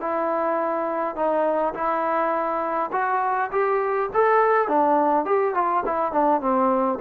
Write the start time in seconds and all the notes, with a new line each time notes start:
0.00 E4
1.15 D#4
1.74 E4
2.92 F#4
3.51 G4
4.13 A4
4.68 D4
5.25 G4
5.54 F4
5.85 E4
6.12 D4
6.41 C4